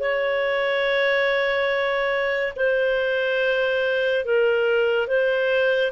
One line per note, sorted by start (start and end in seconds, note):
0.00 2.54 C#5
2.56 4.25 C5
4.25 5.07 A#4
5.07 5.92 C5